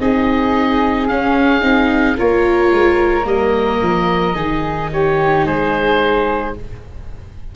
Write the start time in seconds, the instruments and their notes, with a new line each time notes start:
0.00 tuba C4, viola D#4, flute G#4, oboe D#5
1.08 tuba C#4, viola C#4, oboe F5
1.61 tuba C4, viola D#4
2.17 tuba A#3, viola F4, flute A#4, oboe C#5
2.72 tuba G#3
3.24 tuba G3, viola A#3, oboe D#5
3.82 tuba F3
4.35 tuba D#3, viola D#4, flute G#4
4.93 flute G4, oboe C#5
5.45 tuba G#3, flute G#4, oboe C5